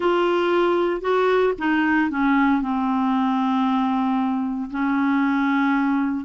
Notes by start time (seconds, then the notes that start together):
0.00 F4
1.01 F#4
1.58 D#4
2.10 C#4
2.61 C4
4.70 C#4